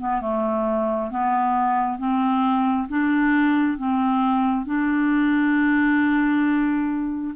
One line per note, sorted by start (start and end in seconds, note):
0.00 0.22 B3
0.22 1.11 A3
1.11 1.99 B3
1.99 2.88 C4
2.89 3.79 D4
3.79 4.66 C4
4.66 7.35 D4